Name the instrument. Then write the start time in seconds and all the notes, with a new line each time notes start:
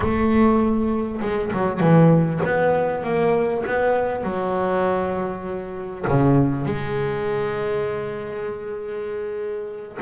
double bass
0.00 A3
1.21 G#3
1.53 F#3
1.80 E3
2.44 B3
3.03 A#3
3.66 B3
4.23 F#3
6.07 C#3
6.65 G#3